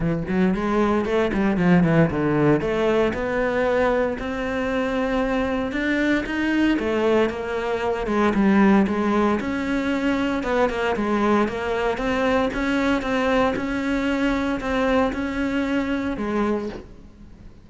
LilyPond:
\new Staff \with { instrumentName = "cello" } { \time 4/4 \tempo 4 = 115 e8 fis8 gis4 a8 g8 f8 e8 | d4 a4 b2 | c'2. d'4 | dis'4 a4 ais4. gis8 |
g4 gis4 cis'2 | b8 ais8 gis4 ais4 c'4 | cis'4 c'4 cis'2 | c'4 cis'2 gis4 | }